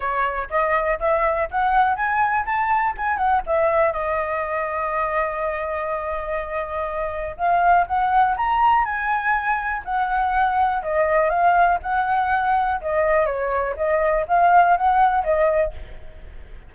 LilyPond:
\new Staff \with { instrumentName = "flute" } { \time 4/4 \tempo 4 = 122 cis''4 dis''4 e''4 fis''4 | gis''4 a''4 gis''8 fis''8 e''4 | dis''1~ | dis''2. f''4 |
fis''4 ais''4 gis''2 | fis''2 dis''4 f''4 | fis''2 dis''4 cis''4 | dis''4 f''4 fis''4 dis''4 | }